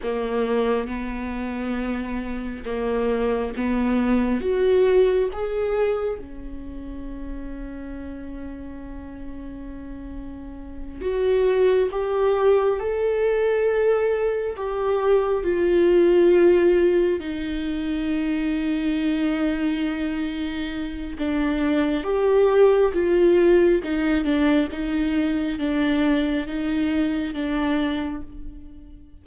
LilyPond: \new Staff \with { instrumentName = "viola" } { \time 4/4 \tempo 4 = 68 ais4 b2 ais4 | b4 fis'4 gis'4 cis'4~ | cis'1~ | cis'8 fis'4 g'4 a'4.~ |
a'8 g'4 f'2 dis'8~ | dis'1 | d'4 g'4 f'4 dis'8 d'8 | dis'4 d'4 dis'4 d'4 | }